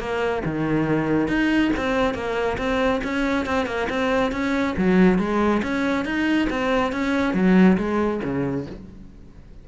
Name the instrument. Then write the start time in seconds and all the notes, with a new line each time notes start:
cello
0.00 A#3
0.45 D#3
1.28 D#4
1.77 C4
2.14 A#3
2.58 C4
3.04 C#4
3.46 C4
3.67 A#3
3.90 C4
4.32 C#4
4.78 F#3
5.19 G#3
5.63 C#4
6.05 D#4
6.50 C4
6.93 C#4
7.34 F#3
7.78 G#3
8.24 C#3